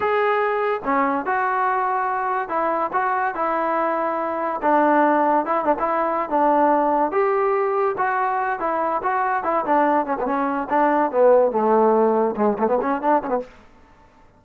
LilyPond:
\new Staff \with { instrumentName = "trombone" } { \time 4/4 \tempo 4 = 143 gis'2 cis'4 fis'4~ | fis'2 e'4 fis'4 | e'2. d'4~ | d'4 e'8 d'16 e'4~ e'16 d'4~ |
d'4 g'2 fis'4~ | fis'8 e'4 fis'4 e'8 d'4 | cis'16 b16 cis'4 d'4 b4 a8~ | a4. gis8 a16 b16 cis'8 d'8 cis'16 b16 | }